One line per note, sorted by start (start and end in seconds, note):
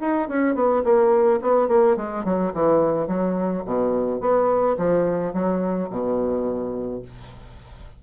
0.00 0.28 D#4
0.28 0.54 C#4
0.54 0.82 B3
0.84 1.40 A#3
1.41 1.68 B3
1.68 1.96 A#3
1.96 2.24 G#3
2.24 2.52 F#3
2.53 3.07 E3
3.07 3.63 F#3
3.65 4.20 B2
4.20 4.76 B3
4.77 5.33 F3
5.33 5.89 F#3
5.90 7.02 B2